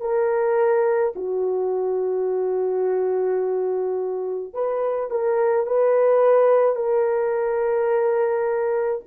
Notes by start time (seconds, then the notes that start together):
0.00 A#4
1.15 F#4
4.53 B4
5.10 A#4
5.66 B4
6.75 A#4